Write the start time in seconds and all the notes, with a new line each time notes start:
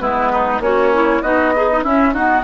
0.00 G#3 B3 E4 B4
0.33 D#4
0.60 A#3 C#4 F#4 C#5
0.93 E4
1.22 B3 D#4 F#4 D#5
1.56 D#4 G#4
1.71 D#4
1.84 C#4 E4 E5
2.14 B3 D#4 F#4 F#5